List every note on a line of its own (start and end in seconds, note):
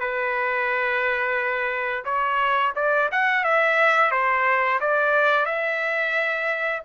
0.00 2.05 B4
2.05 2.73 C#5
2.76 3.10 D5
3.12 3.44 F#5
3.44 4.11 E5
4.11 4.79 C5
4.80 5.45 D5
5.45 6.82 E5